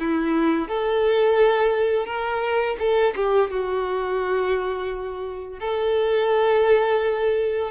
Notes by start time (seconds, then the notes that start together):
0.00 E4
0.69 A4
2.06 A#4
2.79 A4
3.16 G4
3.51 F#4
5.60 A4